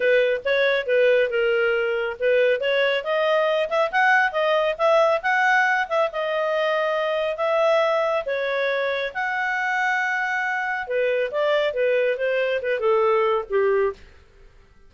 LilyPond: \new Staff \with { instrumentName = "clarinet" } { \time 4/4 \tempo 4 = 138 b'4 cis''4 b'4 ais'4~ | ais'4 b'4 cis''4 dis''4~ | dis''8 e''8 fis''4 dis''4 e''4 | fis''4. e''8 dis''2~ |
dis''4 e''2 cis''4~ | cis''4 fis''2.~ | fis''4 b'4 d''4 b'4 | c''4 b'8 a'4. g'4 | }